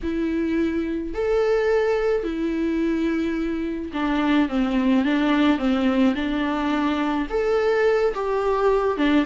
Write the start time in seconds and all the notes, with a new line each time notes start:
0.02 E4
1.14 A4
2.23 E4
3.93 D4
4.49 C4
5.05 D4
5.58 C4
6.15 D4
7.29 A4
8.14 G4
8.97 D4